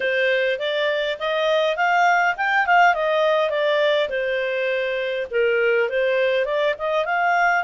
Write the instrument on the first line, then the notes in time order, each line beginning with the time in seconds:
clarinet
0.00 C5
0.59 D5
1.19 D#5
1.76 F5
2.36 G5
2.66 F5
2.94 D#5
3.50 D5
4.09 C5
5.30 A#4
5.89 C5
6.45 D5
6.78 D#5
7.05 F5